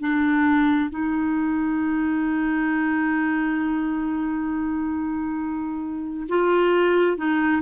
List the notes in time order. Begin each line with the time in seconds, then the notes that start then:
0.00 D4
0.90 D#4
6.28 F4
7.17 D#4